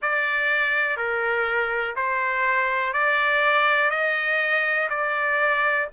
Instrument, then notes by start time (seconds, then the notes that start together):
trumpet
0.02 D5
0.96 A#4
1.95 C5
2.93 D5
3.90 D#5
4.89 D5